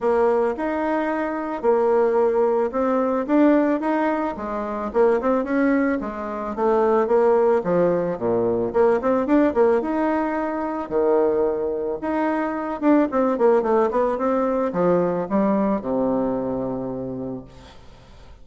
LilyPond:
\new Staff \with { instrumentName = "bassoon" } { \time 4/4 \tempo 4 = 110 ais4 dis'2 ais4~ | ais4 c'4 d'4 dis'4 | gis4 ais8 c'8 cis'4 gis4 | a4 ais4 f4 ais,4 |
ais8 c'8 d'8 ais8 dis'2 | dis2 dis'4. d'8 | c'8 ais8 a8 b8 c'4 f4 | g4 c2. | }